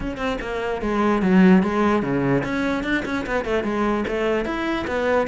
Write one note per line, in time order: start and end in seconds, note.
0.00 0.17 C#4
0.17 0.37 C4
0.41 0.81 A#3
0.81 1.22 G#3
1.22 1.62 F#3
1.62 2.02 G#3
2.02 2.43 C#3
2.43 2.83 C#4
2.83 3.03 D4
3.05 3.25 C#4
3.26 3.44 B3
3.44 3.63 A3
3.63 4.04 G#3
4.07 4.45 A3
4.45 4.85 E4
4.87 5.27 B3